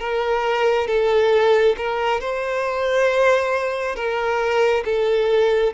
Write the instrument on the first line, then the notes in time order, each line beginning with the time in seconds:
violin
0.00 A#4
0.88 A4
1.78 A#4
2.21 C5
3.96 A#4
4.85 A4